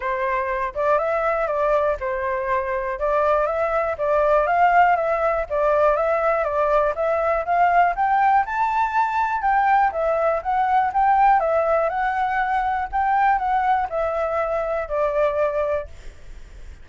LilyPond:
\new Staff \with { instrumentName = "flute" } { \time 4/4 \tempo 4 = 121 c''4. d''8 e''4 d''4 | c''2 d''4 e''4 | d''4 f''4 e''4 d''4 | e''4 d''4 e''4 f''4 |
g''4 a''2 g''4 | e''4 fis''4 g''4 e''4 | fis''2 g''4 fis''4 | e''2 d''2 | }